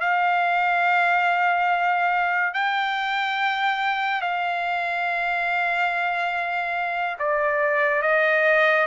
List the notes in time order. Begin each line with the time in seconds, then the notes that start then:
0.00 F5
2.54 G5
4.21 F5
7.19 D5
8.02 D#5